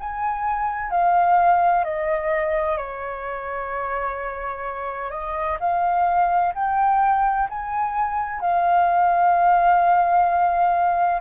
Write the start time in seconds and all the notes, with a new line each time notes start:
0.00 G#5
0.91 F5
1.85 D#5
2.78 C#5
5.11 D#5
5.60 F5
6.55 G5
7.50 G#5
8.41 F5